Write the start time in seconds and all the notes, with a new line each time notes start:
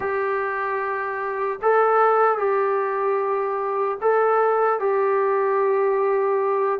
0.00 G4
1.62 A4
2.38 G4
4.01 A4
4.79 G4